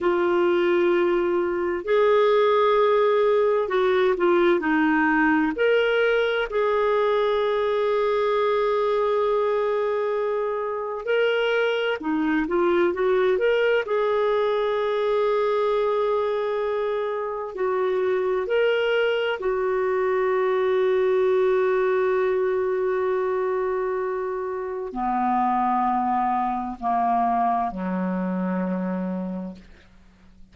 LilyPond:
\new Staff \with { instrumentName = "clarinet" } { \time 4/4 \tempo 4 = 65 f'2 gis'2 | fis'8 f'8 dis'4 ais'4 gis'4~ | gis'1 | ais'4 dis'8 f'8 fis'8 ais'8 gis'4~ |
gis'2. fis'4 | ais'4 fis'2.~ | fis'2. b4~ | b4 ais4 fis2 | }